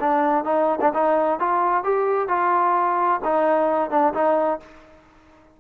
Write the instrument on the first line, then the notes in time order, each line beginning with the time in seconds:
trombone
0.00 D4
0.44 D#4
0.81 D4
0.94 D#4
1.40 F4
1.84 G4
2.28 F4
3.24 D#4
3.90 D4
4.14 D#4